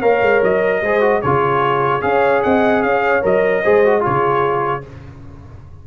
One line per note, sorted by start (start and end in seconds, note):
0.00 0.22 A#3
0.00 0.82 A#4
0.00 0.81 C#5
0.00 0.42 F5
0.22 0.42 G#3
0.43 0.82 F#3
0.43 1.22 D#5
0.82 1.22 G#3
0.82 1.01 G#4
0.82 1.22 C5
1.01 1.21 F#4
1.22 2.03 C#3
1.22 2.01 F4
1.22 2.04 G#4
1.22 2.02 C#5
2.01 2.43 C#4
2.01 3.22 G#4
2.01 2.44 C#5
2.01 2.42 F5
2.43 2.83 C4
2.43 2.85 D#5
2.43 2.83 F#5
2.83 3.23 C#4
2.83 3.63 C#5
2.83 3.23 F5
3.22 3.65 F#3
3.22 3.63 A#4
3.22 4.04 D#5
3.63 4.06 G#3
3.63 3.85 G#4
3.63 4.01 C5
3.85 4.01 F#4
4.01 4.87 C#3
4.01 4.81 F4
4.01 4.81 G#4
4.01 4.85 C#5